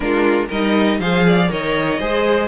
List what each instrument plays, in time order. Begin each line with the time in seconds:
0.00 cello G#3, viola D4, violin F4 A#4
0.47 cello G3, viola D#4, violin A#4 D#5
0.99 cello F3, viola G#4, violin C5 F5
1.26 violin D5
1.48 cello D#3, viola A#4, violin C#5 D#5
1.99 cello G#3, viola G#4, violin C5